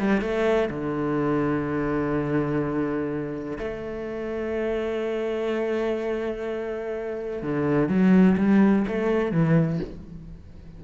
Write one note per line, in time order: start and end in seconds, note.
0.00 0.22 G3
0.22 0.70 A3
0.70 3.58 D3
3.59 7.43 A3
7.43 7.89 D3
7.89 8.37 F#3
8.38 8.86 G3
8.88 9.32 A3
9.32 9.80 E3